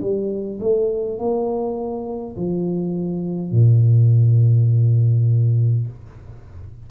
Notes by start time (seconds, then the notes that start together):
0.00 G3
0.59 A3
1.18 A#3
2.36 F3
3.51 A#2